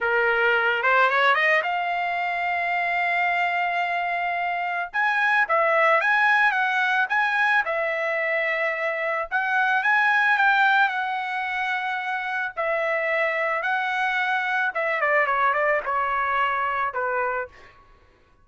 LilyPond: \new Staff \with { instrumentName = "trumpet" } { \time 4/4 \tempo 4 = 110 ais'4. c''8 cis''8 dis''8 f''4~ | f''1~ | f''4 gis''4 e''4 gis''4 | fis''4 gis''4 e''2~ |
e''4 fis''4 gis''4 g''4 | fis''2. e''4~ | e''4 fis''2 e''8 d''8 | cis''8 d''8 cis''2 b'4 | }